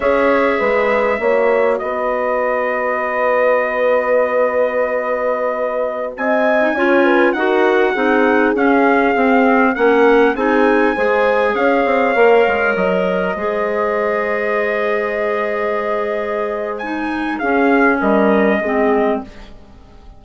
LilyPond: <<
  \new Staff \with { instrumentName = "trumpet" } { \time 4/4 \tempo 4 = 100 e''2. dis''4~ | dis''1~ | dis''2~ dis''16 gis''4.~ gis''16~ | gis''16 fis''2 f''4.~ f''16~ |
f''16 fis''4 gis''2 f''8.~ | f''4~ f''16 dis''2~ dis''8.~ | dis''1 | gis''4 f''4 dis''2 | }
  \new Staff \with { instrumentName = "horn" } { \time 4/4 cis''4 b'4 cis''4 b'4~ | b'1~ | b'2~ b'16 dis''4 cis''8 b'16~ | b'16 ais'4 gis'2~ gis'8.~ |
gis'16 ais'4 gis'4 c''4 cis''8.~ | cis''2~ cis''16 c''4.~ c''16~ | c''1~ | c''4 gis'4 ais'4 gis'4 | }
  \new Staff \with { instrumentName = "clarinet" } { \time 4/4 gis'2 fis'2~ | fis'1~ | fis'2. dis'16 f'8.~ | f'16 fis'4 dis'4 cis'4 c'8.~ |
c'16 cis'4 dis'4 gis'4.~ gis'16~ | gis'16 ais'2 gis'4.~ gis'16~ | gis'1 | dis'4 cis'2 c'4 | }
  \new Staff \with { instrumentName = "bassoon" } { \time 4/4 cis'4 gis4 ais4 b4~ | b1~ | b2~ b16 c'4 cis'8.~ | cis'16 dis'4 c'4 cis'4 c'8.~ |
c'16 ais4 c'4 gis4 cis'8 c'16~ | c'16 ais8 gis8 fis4 gis4.~ gis16~ | gis1~ | gis4 cis'4 g4 gis4 | }
>>